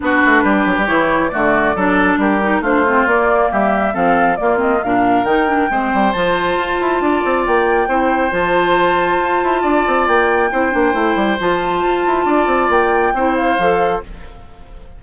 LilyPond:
<<
  \new Staff \with { instrumentName = "flute" } { \time 4/4 \tempo 4 = 137 b'2 cis''4 d''4~ | d''4 ais'4 c''4 d''4 | e''4 f''4 d''8 dis''8 f''4 | g''2 a''2~ |
a''4 g''2 a''4~ | a''2. g''4~ | g''2 a''2~ | a''4 g''4. f''4. | }
  \new Staff \with { instrumentName = "oboe" } { \time 4/4 fis'4 g'2 fis'4 | a'4 g'4 f'2 | g'4 a'4 f'4 ais'4~ | ais'4 c''2. |
d''2 c''2~ | c''2 d''2 | c''1 | d''2 c''2 | }
  \new Staff \with { instrumentName = "clarinet" } { \time 4/4 d'2 e'4 a4 | d'4. dis'8 d'8 c'8 ais4~ | ais4 c'4 ais8 c'8 d'4 | dis'8 d'8 c'4 f'2~ |
f'2 e'4 f'4~ | f'1 | e'8 d'8 e'4 f'2~ | f'2 e'4 a'4 | }
  \new Staff \with { instrumentName = "bassoon" } { \time 4/4 b8 a8 g8 fis16 g16 e4 d4 | fis4 g4 a4 ais4 | g4 f4 ais4 ais,4 | dis4 gis8 g8 f4 f'8 e'8 |
d'8 c'8 ais4 c'4 f4~ | f4 f'8 e'8 d'8 c'8 ais4 | c'8 ais8 a8 g8 f4 f'8 e'8 | d'8 c'8 ais4 c'4 f4 | }
>>